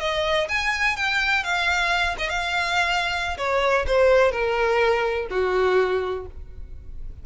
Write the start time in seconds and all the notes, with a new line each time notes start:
0.00 D#5
0.49 G#5
0.96 G5
1.43 F5
2.18 D#5
2.29 F5
3.38 C#5
3.87 C5
4.31 A#4
5.30 F#4